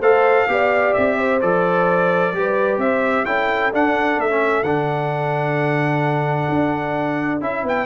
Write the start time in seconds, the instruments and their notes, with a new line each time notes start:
0.00 tuba A3, trombone A4, horn C5, trumpet F5
0.48 tuba B3, trombone G4, horn D5
0.94 tuba C4, trumpet E5
1.18 horn C5
1.41 tuba F3, trombone A4, trumpet D5
2.33 tuba G3, trombone G4, horn B4
2.78 tuba C4, horn C5, trumpet E5
3.25 tuba C#4, trombone E4, horn A4, trumpet G5
3.72 trombone D4, tuba D4, trumpet F#5
4.18 tuba A3, trumpet E5
4.30 trombone C#4
4.63 tuba D3, trombone D4, trumpet F#5
6.50 tuba D4
7.41 tuba C#4, trombone E4, trumpet E5
7.63 tuba B3, horn B4, trumpet G5